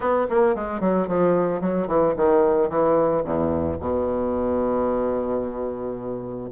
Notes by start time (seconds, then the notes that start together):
0.00 B3
0.29 A#3
0.55 G#3
0.80 F#3
1.07 F3
1.61 F#3
1.87 E3
2.16 D#3
2.69 E3
3.24 E2
3.80 B2